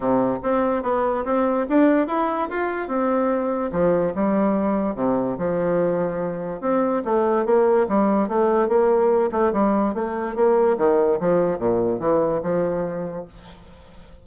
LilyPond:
\new Staff \with { instrumentName = "bassoon" } { \time 4/4 \tempo 4 = 145 c4 c'4 b4 c'4 | d'4 e'4 f'4 c'4~ | c'4 f4 g2 | c4 f2. |
c'4 a4 ais4 g4 | a4 ais4. a8 g4 | a4 ais4 dis4 f4 | ais,4 e4 f2 | }